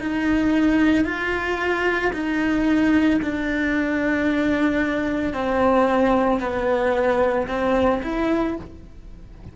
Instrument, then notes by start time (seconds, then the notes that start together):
cello
0.00 D#4
1.05 F4
2.13 D#4
3.22 D4
5.33 C4
6.40 B3
7.48 C4
8.03 E4